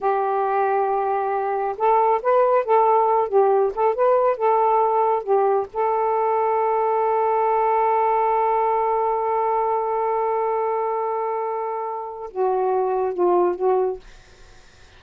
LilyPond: \new Staff \with { instrumentName = "saxophone" } { \time 4/4 \tempo 4 = 137 g'1 | a'4 b'4 a'4. g'8~ | g'8 a'8 b'4 a'2 | g'4 a'2.~ |
a'1~ | a'1~ | a'1 | fis'2 f'4 fis'4 | }